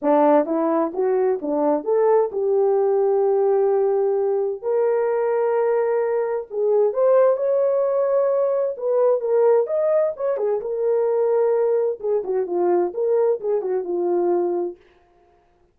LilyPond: \new Staff \with { instrumentName = "horn" } { \time 4/4 \tempo 4 = 130 d'4 e'4 fis'4 d'4 | a'4 g'2.~ | g'2 ais'2~ | ais'2 gis'4 c''4 |
cis''2. b'4 | ais'4 dis''4 cis''8 gis'8 ais'4~ | ais'2 gis'8 fis'8 f'4 | ais'4 gis'8 fis'8 f'2 | }